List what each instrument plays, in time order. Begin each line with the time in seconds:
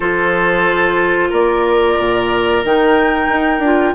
0.00 bassoon F3, clarinet F4, oboe A4, flute C5
1.29 bassoon A#3, oboe A#4, flute D5
1.98 bassoon A#2
2.64 bassoon D#3, clarinet D#4, flute G5
3.28 bassoon D#4
3.59 bassoon D4, clarinet F4